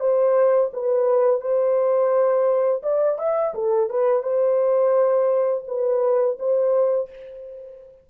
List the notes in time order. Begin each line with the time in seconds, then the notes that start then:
0.00 C5
0.73 B4
1.41 C5
2.83 D5
3.19 E5
3.55 A4
3.90 B4
4.23 C5
5.67 B4
6.39 C5